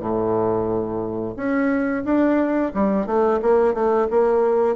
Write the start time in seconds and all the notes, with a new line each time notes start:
0.00 A2
1.37 C#4
2.05 D4
2.75 G3
3.07 A3
3.42 A#3
3.74 A3
4.11 A#3